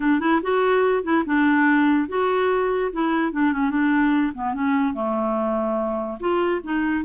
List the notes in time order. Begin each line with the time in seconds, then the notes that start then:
0.00 D4
0.20 E4
0.42 F#4
1.03 E4
1.25 D4
2.08 F#4
2.92 E4
3.32 D4
3.52 C#4
3.70 D4
4.34 B3
4.54 C#4
4.94 A3
6.20 F4
6.63 D#4